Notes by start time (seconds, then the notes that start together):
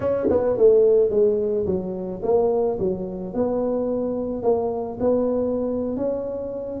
0.00 C#4
0.29 B3
0.57 A3
1.10 G#3
1.66 F#3
2.22 A#3
2.79 F#3
3.33 B3
4.42 A#3
5.00 B3
5.96 C#4